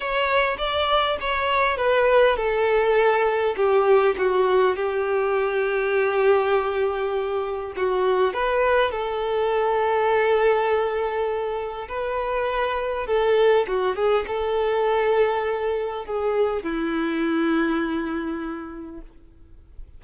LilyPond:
\new Staff \with { instrumentName = "violin" } { \time 4/4 \tempo 4 = 101 cis''4 d''4 cis''4 b'4 | a'2 g'4 fis'4 | g'1~ | g'4 fis'4 b'4 a'4~ |
a'1 | b'2 a'4 fis'8 gis'8 | a'2. gis'4 | e'1 | }